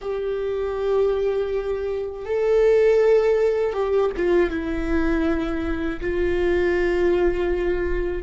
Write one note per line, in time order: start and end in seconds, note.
0.01 2.25 G4
2.25 3.73 A4
3.73 4.10 G4
4.16 4.50 F4
4.50 6.00 E4
6.00 8.22 F4